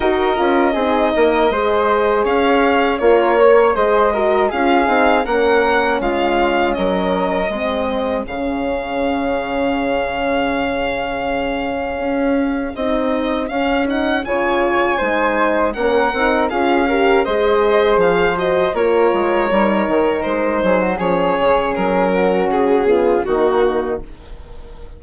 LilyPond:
<<
  \new Staff \with { instrumentName = "violin" } { \time 4/4 \tempo 4 = 80 dis''2. f''4 | cis''4 dis''4 f''4 fis''4 | f''4 dis''2 f''4~ | f''1~ |
f''4 dis''4 f''8 fis''8 gis''4~ | gis''4 fis''4 f''4 dis''4 | f''8 dis''8 cis''2 c''4 | cis''4 ais'4 gis'4 fis'4 | }
  \new Staff \with { instrumentName = "flute" } { \time 4/4 ais'4 gis'8 ais'8 c''4 cis''4 | f'8 cis''8 c''8 ais'8 gis'4 ais'4 | f'4 ais'4 gis'2~ | gis'1~ |
gis'2. cis''4 | c''4 ais'4 gis'8 ais'8 c''4~ | c''4 ais'2~ ais'8 gis'16 fis'16 | gis'4. fis'4 f'8 dis'4 | }
  \new Staff \with { instrumentName = "horn" } { \time 4/4 fis'8 f'8 dis'4 gis'2 | ais'4 gis'8 fis'8 f'8 dis'8 cis'4~ | cis'2 c'4 cis'4~ | cis'1~ |
cis'4 dis'4 cis'8 dis'8 f'4 | dis'4 cis'8 dis'8 f'8 g'8 gis'4~ | gis'8 fis'8 f'4 dis'2 | cis'2~ cis'8 b8 ais4 | }
  \new Staff \with { instrumentName = "bassoon" } { \time 4/4 dis'8 cis'8 c'8 ais8 gis4 cis'4 | ais4 gis4 cis'8 c'8 ais4 | gis4 fis4 gis4 cis4~ | cis1 |
cis'4 c'4 cis'4 cis4 | gis4 ais8 c'8 cis'4 gis4 | f4 ais8 gis8 g8 dis8 gis8 fis8 | f8 cis8 fis4 cis4 dis4 | }
>>